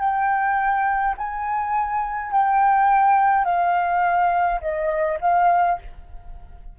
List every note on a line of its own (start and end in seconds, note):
0.00 1.15 G5
1.18 2.32 G#5
2.32 3.45 G5
3.45 4.60 F5
4.61 5.19 D#5
5.21 5.79 F5